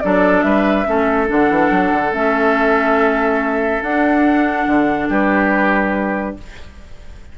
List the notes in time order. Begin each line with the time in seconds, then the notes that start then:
0.00 F#3 D4 A4 D5
0.42 G3 B4 E5
0.85 A3 C#4 A4
1.27 D3 D4 F#5
1.50 E3
1.70 F#3
1.92 D3
2.12 A3 C#4 E5
3.82 D4 F#5
4.67 D3
5.09 G3 G4 B4